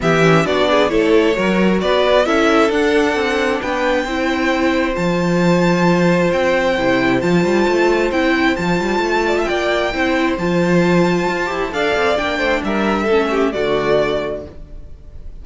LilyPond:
<<
  \new Staff \with { instrumentName = "violin" } { \time 4/4 \tempo 4 = 133 e''4 d''4 cis''2 | d''4 e''4 fis''2 | g''2. a''4~ | a''2 g''2 |
a''2 g''4 a''4~ | a''4 g''2 a''4~ | a''2 f''4 g''4 | e''2 d''2 | }
  \new Staff \with { instrumentName = "violin" } { \time 4/4 g'4 fis'8 gis'8 a'4 ais'4 | b'4 a'2. | b'4 c''2.~ | c''1~ |
c''1~ | c''8 d''16 e''16 d''4 c''2~ | c''2 d''4. c''8 | ais'4 a'8 g'8 fis'2 | }
  \new Staff \with { instrumentName = "viola" } { \time 4/4 b8 cis'8 d'4 e'4 fis'4~ | fis'4 e'4 d'2~ | d'4 e'2 f'4~ | f'2. e'4 |
f'2 e'4 f'4~ | f'2 e'4 f'4~ | f'4. g'8 a'4 d'4~ | d'4 cis'4 a2 | }
  \new Staff \with { instrumentName = "cello" } { \time 4/4 e4 b4 a4 fis4 | b4 cis'4 d'4 c'4 | b4 c'2 f4~ | f2 c'4 c4 |
f8 g8 a4 c'4 f8 g8 | a4 ais4 c'4 f4~ | f4 f'8 e'8 d'8 c'8 ais8 a8 | g4 a4 d2 | }
>>